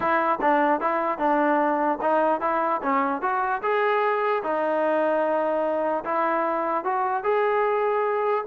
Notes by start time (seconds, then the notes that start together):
0.00 E4
0.41 D4
0.80 E4
1.18 D4
2.01 D#4
2.41 E4
2.82 C#4
3.21 F#4
3.62 G#4
4.43 D#4
6.04 E4
6.84 F#4
7.23 G#4